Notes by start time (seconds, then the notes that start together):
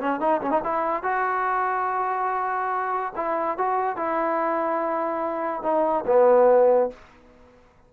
0.00 C#4
0.20 D#4
0.41 C#4
0.51 D#4
0.64 E4
1.03 F#4
3.16 E4
3.58 F#4
3.96 E4
5.63 D#4
6.06 B3